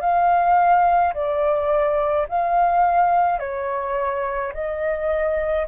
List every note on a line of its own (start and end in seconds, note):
0.00 1.13 F5
1.14 2.27 D5
2.28 3.39 F5
3.39 4.52 C#5
4.53 5.67 D#5